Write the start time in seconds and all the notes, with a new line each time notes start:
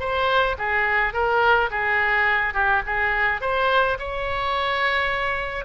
0.00 C5
0.58 G#4
1.14 A#4
1.71 G#4
2.54 G4
2.86 G#4
3.41 C5
3.99 C#5